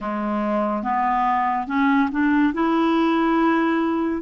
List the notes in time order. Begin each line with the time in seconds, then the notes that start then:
0.00 G#3
0.82 B3
1.67 C#4
2.11 D4
2.53 E4